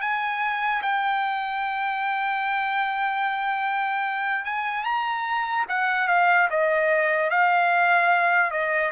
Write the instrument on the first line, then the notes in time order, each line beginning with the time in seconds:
trumpet
0.00 G#5
0.82 G5
4.45 G#5
4.84 A#5
5.68 F#5
6.08 F5
6.50 D#5
7.30 F5
8.51 D#5